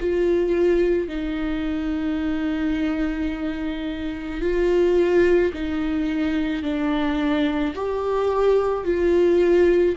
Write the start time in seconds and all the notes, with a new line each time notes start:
0.00 F4
1.08 D#4
4.41 F4
5.53 D#4
6.63 D4
7.75 G4
8.84 F4